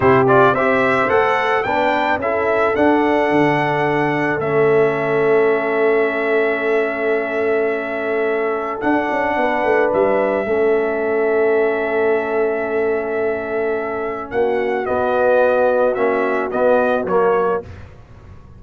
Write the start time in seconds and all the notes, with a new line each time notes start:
0.00 C3 E4 G4 C5
0.27 F4 D5
0.52 C4 G4 C5 E5
1.09 A3 A4 F#5
1.63 B3 D4 B4 G5
2.17 C#4 E4 A4 E5
2.75 D4 F#5
3.31 D3
4.39 A3 C#4 E5
8.80 D4 F#5
9.10 C#4
9.36 B3 B4
9.63 A3
9.93 G3 E5
10.46 A3 C#4 A4
14.31 A#3 F#4 F#5
14.85 B3 D#5
15.94 A#3 C#4 E5
16.51 B3 D#5
17.04 F#3 A#3 C#5